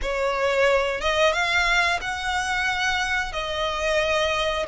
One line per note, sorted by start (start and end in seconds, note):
0.02 1.01 C#5
1.01 1.32 D#5
1.32 1.99 F5
2.01 3.32 F#5
3.32 4.65 D#5